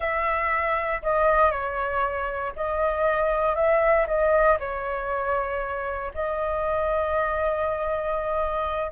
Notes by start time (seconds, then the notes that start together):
0.00 E5
1.02 D#5
1.51 C#5
2.55 D#5
3.55 E5
4.07 D#5
4.59 C#5
6.14 D#5